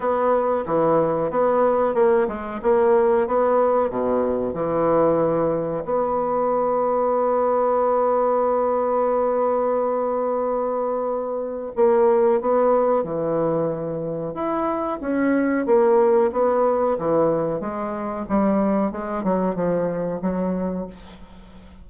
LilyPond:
\new Staff \with { instrumentName = "bassoon" } { \time 4/4 \tempo 4 = 92 b4 e4 b4 ais8 gis8 | ais4 b4 b,4 e4~ | e4 b2.~ | b1~ |
b2 ais4 b4 | e2 e'4 cis'4 | ais4 b4 e4 gis4 | g4 gis8 fis8 f4 fis4 | }